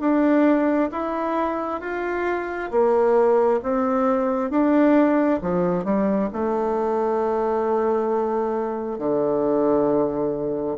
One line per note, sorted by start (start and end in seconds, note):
0.00 0.90 D4
0.91 1.81 E4
1.81 2.70 F4
2.70 3.60 A#3
3.63 4.50 C4
4.50 5.40 D4
5.41 5.84 F3
5.84 6.29 G3
6.32 8.98 A3
8.98 10.77 D3